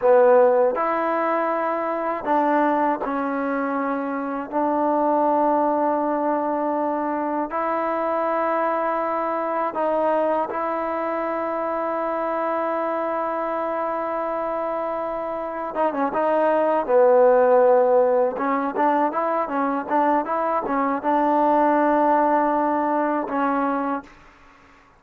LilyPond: \new Staff \with { instrumentName = "trombone" } { \time 4/4 \tempo 4 = 80 b4 e'2 d'4 | cis'2 d'2~ | d'2 e'2~ | e'4 dis'4 e'2~ |
e'1~ | e'4 dis'16 cis'16 dis'4 b4.~ | b8 cis'8 d'8 e'8 cis'8 d'8 e'8 cis'8 | d'2. cis'4 | }